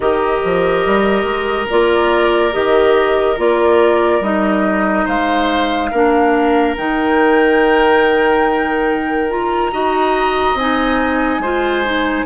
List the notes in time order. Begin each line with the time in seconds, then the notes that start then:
0.00 D#3 G4 A#4 D#5
0.44 F3
0.86 G3
1.24 G#3
1.70 A#3 F4 D5
2.52 D#3 G4 D#5
3.37 A#3 F4 D5
4.20 G3 D#4 D#5
5.05 G#3 C5 F5
5.90 A#3 D4 A#4
6.77 D#3 D#4 G5
9.29 F4 A#5
9.71 D#4 F#4 D#5
10.54 C4 G#5
10.60 D#4
11.38 G#3 F4 C5
11.84 D#4